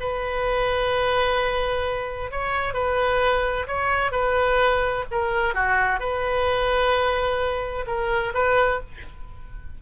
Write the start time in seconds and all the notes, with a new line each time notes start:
0.00 B4
2.31 C#5
2.74 B4
3.67 C#5
4.12 B4
5.11 A#4
5.55 F#4
6.00 B4
7.87 A#4
8.34 B4